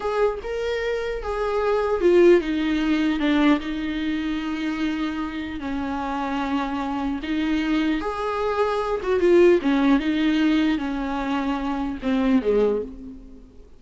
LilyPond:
\new Staff \with { instrumentName = "viola" } { \time 4/4 \tempo 4 = 150 gis'4 ais'2 gis'4~ | gis'4 f'4 dis'2 | d'4 dis'2.~ | dis'2 cis'2~ |
cis'2 dis'2 | gis'2~ gis'8 fis'8 f'4 | cis'4 dis'2 cis'4~ | cis'2 c'4 gis4 | }